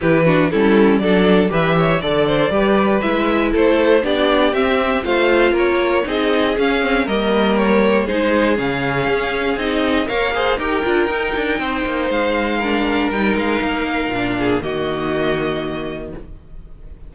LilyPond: <<
  \new Staff \with { instrumentName = "violin" } { \time 4/4 \tempo 4 = 119 b'4 a'4 d''4 e''4 | d''2 e''4 c''4 | d''4 e''4 f''4 cis''4 | dis''4 f''4 dis''4 cis''4 |
c''4 f''2 dis''4 | f''4 g''2. | f''2 g''8 f''4.~ | f''4 dis''2. | }
  \new Staff \with { instrumentName = "violin" } { \time 4/4 g'8 fis'8 e'4 a'4 b'8 cis''8 | d''8 c''8 b'2 a'4 | g'2 c''4 ais'4 | gis'2 ais'2 |
gis'1 | cis''8 c''8 ais'2 c''4~ | c''4 ais'2.~ | ais'8 gis'8 fis'2. | }
  \new Staff \with { instrumentName = "viola" } { \time 4/4 e'8 d'8 cis'4 d'4 g'4 | a'4 g'4 e'2 | d'4 c'4 f'2 | dis'4 cis'8 c'8 ais2 |
dis'4 cis'2 dis'4 | ais'8 gis'8 g'8 f'8 dis'2~ | dis'4 d'4 dis'2 | d'4 ais2. | }
  \new Staff \with { instrumentName = "cello" } { \time 4/4 e4 g4 fis4 e4 | d4 g4 gis4 a4 | b4 c'4 a4 ais4 | c'4 cis'4 g2 |
gis4 cis4 cis'4 c'4 | ais4 dis'8 d'8 dis'8 d'8 c'8 ais8 | gis2 g8 gis8 ais4 | ais,4 dis2. | }
>>